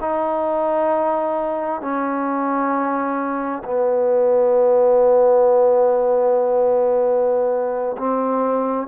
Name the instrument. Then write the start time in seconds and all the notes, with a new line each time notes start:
trombone
0.00 D#4
1.81 C#4
3.64 B3
7.97 C4